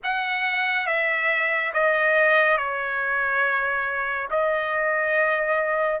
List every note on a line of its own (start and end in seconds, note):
0.03 0.86 F#5
0.86 1.72 E5
1.73 2.57 D#5
2.57 4.29 C#5
4.30 6.00 D#5